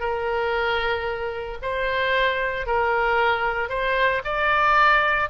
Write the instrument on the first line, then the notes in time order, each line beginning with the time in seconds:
oboe
0.00 A#4
1.62 C5
2.67 A#4
3.69 C5
4.24 D5